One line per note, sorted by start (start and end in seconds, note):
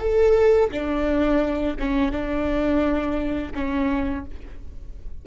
0.00 0.71 A4
0.71 1.77 D4
1.80 2.12 C#4
2.12 3.53 D4
3.55 4.25 C#4